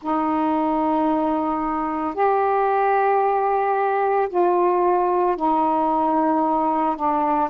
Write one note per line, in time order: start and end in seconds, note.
0.01 2.14 D#4
2.14 4.28 G4
4.29 5.36 F4
5.36 6.95 D#4
6.95 7.49 D4